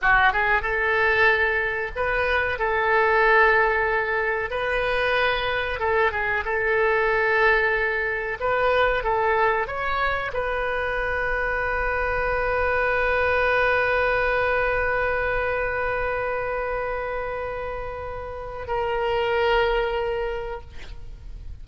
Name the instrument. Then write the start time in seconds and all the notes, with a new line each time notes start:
oboe
0.01 F#4
0.32 G#4
0.62 A4
1.95 B4
2.58 A4
4.50 B4
5.79 A4
6.11 G#4
6.44 A4
8.40 B4
9.03 A4
9.67 C#5
10.33 B4
18.67 A#4